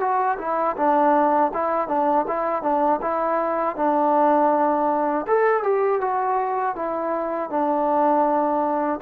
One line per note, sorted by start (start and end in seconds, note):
0.00 0.38 F#4
0.39 0.76 E4
0.77 1.52 D4
1.53 1.88 E4
1.88 2.25 D4
2.27 2.62 E4
2.62 3.00 D4
3.01 3.76 E4
3.76 5.26 D4
5.27 5.63 A4
5.63 6.01 G4
6.01 6.76 F#4
6.76 7.50 E4
7.50 9.00 D4